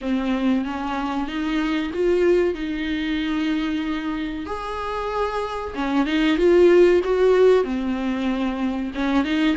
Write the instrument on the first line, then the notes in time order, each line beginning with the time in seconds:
viola
0.01 C4
0.64 C#4
1.27 D#4
1.93 F4
2.54 D#4
4.46 G#4
5.74 C#4
6.06 D#4
6.37 F4
7.04 F#4
7.64 C4
8.94 C#4
9.24 D#4